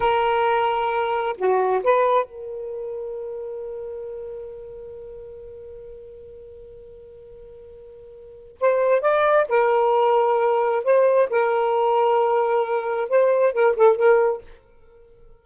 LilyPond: \new Staff \with { instrumentName = "saxophone" } { \time 4/4 \tempo 4 = 133 ais'2. fis'4 | b'4 ais'2.~ | ais'1~ | ais'1~ |
ais'2. c''4 | d''4 ais'2. | c''4 ais'2.~ | ais'4 c''4 ais'8 a'8 ais'4 | }